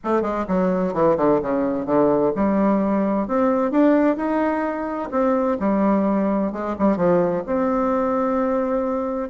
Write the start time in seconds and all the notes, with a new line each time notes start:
0.03 A3
0.22 G#3
0.48 F#3
0.93 E3
1.17 D3
1.42 C#3
1.85 D3
2.35 G3
3.27 C4
3.71 D4
4.16 D#4
5.11 C4
5.59 G3
6.52 G#3
6.79 G3
6.96 F3
7.46 C4